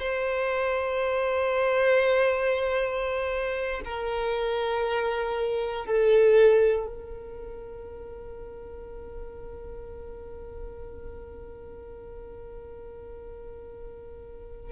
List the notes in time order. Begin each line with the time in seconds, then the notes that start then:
0.00 C5
3.85 A#4
5.86 A4
6.87 A#4